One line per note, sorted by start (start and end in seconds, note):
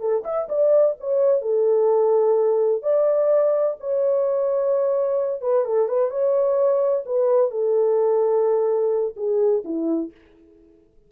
0.00 0.23 A4
0.25 0.48 E5
0.49 0.96 D5
1.00 1.42 C#5
1.42 2.83 A4
2.83 3.76 D5
3.80 5.41 C#5
5.41 5.65 B4
5.65 5.88 A4
5.88 6.11 B4
6.11 7.04 C#5
7.06 7.51 B4
7.51 9.15 A4
9.17 9.63 G#4
9.65 10.11 E4